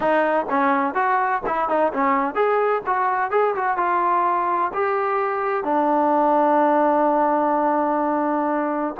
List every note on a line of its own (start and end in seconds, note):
0.00 0.46 D#4
0.49 0.94 C#4
0.94 1.41 F#4
1.46 1.68 E4
1.68 1.92 D#4
1.93 2.34 C#4
2.34 2.82 G#4
2.86 3.30 F#4
3.30 3.54 G#4
3.55 3.77 F#4
3.77 4.71 F4
4.73 5.63 G4
5.63 8.94 D4